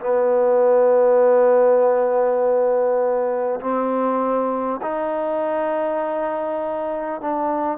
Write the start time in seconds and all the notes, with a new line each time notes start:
0.00 B3
3.60 C4
4.82 D#4
7.21 D4